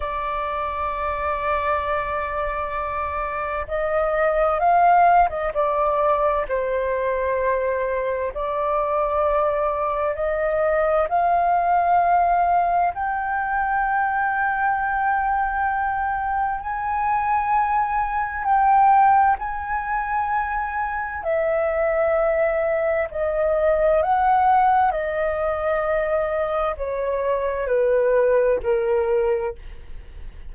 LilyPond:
\new Staff \with { instrumentName = "flute" } { \time 4/4 \tempo 4 = 65 d''1 | dis''4 f''8. dis''16 d''4 c''4~ | c''4 d''2 dis''4 | f''2 g''2~ |
g''2 gis''2 | g''4 gis''2 e''4~ | e''4 dis''4 fis''4 dis''4~ | dis''4 cis''4 b'4 ais'4 | }